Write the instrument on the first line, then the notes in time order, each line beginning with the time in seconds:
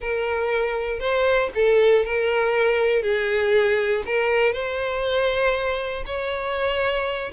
violin
0.00 A#4
0.99 C5
1.54 A4
2.05 A#4
3.02 G#4
4.06 A#4
4.52 C5
6.05 C#5